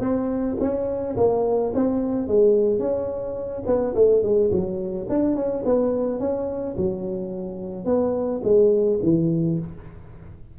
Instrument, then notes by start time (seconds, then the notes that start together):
tuba
0.00 C4
0.60 C#4
1.16 A#3
1.74 C4
2.27 G#3
2.79 C#4
3.66 B3
3.95 A3
4.23 G#3
4.51 F#3
5.08 D4
5.35 C#4
5.65 B3
6.19 C#4
6.77 F#3
7.85 B3
8.43 G#3
9.02 E3